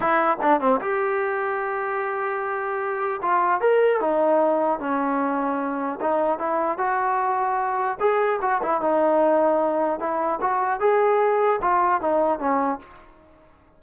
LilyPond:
\new Staff \with { instrumentName = "trombone" } { \time 4/4 \tempo 4 = 150 e'4 d'8 c'8 g'2~ | g'1 | f'4 ais'4 dis'2 | cis'2. dis'4 |
e'4 fis'2. | gis'4 fis'8 e'8 dis'2~ | dis'4 e'4 fis'4 gis'4~ | gis'4 f'4 dis'4 cis'4 | }